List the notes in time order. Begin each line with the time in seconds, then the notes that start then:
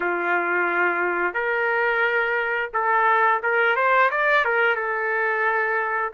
0.00 F4
1.34 A#4
2.73 A4
3.42 A#4
3.75 C5
4.10 D5
4.44 A#4
4.75 A4